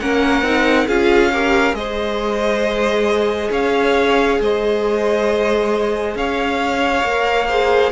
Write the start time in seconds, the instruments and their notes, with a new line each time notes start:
0.00 cello A#3, viola C#4, violin A#4 F#5
0.42 cello C4, viola D#4
0.87 cello C#4, viola F4, violin G#4 F5
1.33 viola G4, violin A#4
1.72 cello G#3, viola G#4, violin C5 D#5
3.51 cello C#4, violin C#5 F5
4.40 cello G#3, violin C5 D#5
6.15 cello C#4, violin C#5 F5
7.04 cello A#3, viola A#4
7.48 viola G#4, violin C5